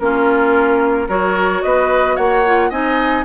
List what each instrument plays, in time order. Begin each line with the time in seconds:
0.00 bassoon A#3, clarinet C#4, oboe F4, flute A#4
1.08 bassoon F#3, clarinet F#4, oboe A#4, flute C#5
1.63 bassoon B3, oboe B4, flute D#5
2.16 bassoon A#3, oboe C#5, flute F#5
2.46 clarinet F4
2.70 bassoon C4, clarinet D#4, oboe D#5, flute G#5